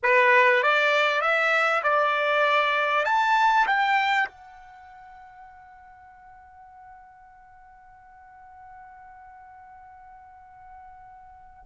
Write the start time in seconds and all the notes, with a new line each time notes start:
0.03 B4
0.62 D5
1.21 E5
1.83 D5
3.05 A5
3.67 G5
4.28 F#5